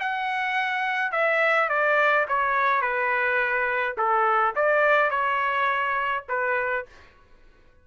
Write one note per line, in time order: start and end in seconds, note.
0.00 1.12 F#5
1.12 1.69 E5
1.69 2.26 D5
2.28 2.82 C#5
2.82 3.96 B4
3.98 4.55 A4
4.56 5.11 D5
5.11 6.25 C#5
6.29 6.86 B4